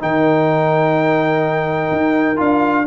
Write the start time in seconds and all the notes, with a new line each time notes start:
0.00 D#3 D#4 A#4 G5
1.92 D#4
2.37 D4 F4 F5